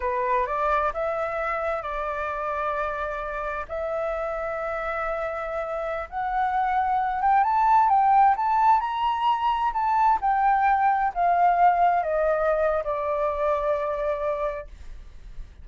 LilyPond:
\new Staff \with { instrumentName = "flute" } { \time 4/4 \tempo 4 = 131 b'4 d''4 e''2 | d''1 | e''1~ | e''4~ e''16 fis''2~ fis''8 g''16~ |
g''16 a''4 g''4 a''4 ais''8.~ | ais''4~ ais''16 a''4 g''4.~ g''16~ | g''16 f''2 dis''4.~ dis''16 | d''1 | }